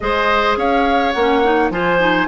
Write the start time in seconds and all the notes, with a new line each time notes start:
0.00 G#3 G#4 C5 D#5
0.56 C#4 C#5 F5
1.12 A#3 F#5
1.19 C#4
1.43 D#4
1.70 F3 F4 C5 G#5
2.00 D#4